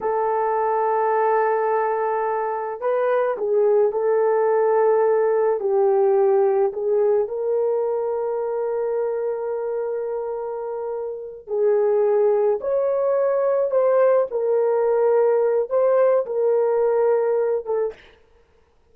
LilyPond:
\new Staff \with { instrumentName = "horn" } { \time 4/4 \tempo 4 = 107 a'1~ | a'4 b'4 gis'4 a'4~ | a'2 g'2 | gis'4 ais'2.~ |
ais'1~ | ais'8 gis'2 cis''4.~ | cis''8 c''4 ais'2~ ais'8 | c''4 ais'2~ ais'8 a'8 | }